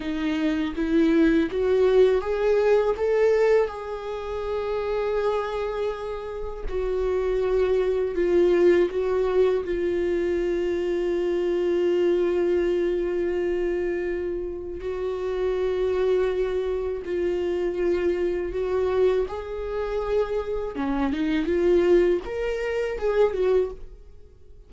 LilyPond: \new Staff \with { instrumentName = "viola" } { \time 4/4 \tempo 4 = 81 dis'4 e'4 fis'4 gis'4 | a'4 gis'2.~ | gis'4 fis'2 f'4 | fis'4 f'2.~ |
f'1 | fis'2. f'4~ | f'4 fis'4 gis'2 | cis'8 dis'8 f'4 ais'4 gis'8 fis'8 | }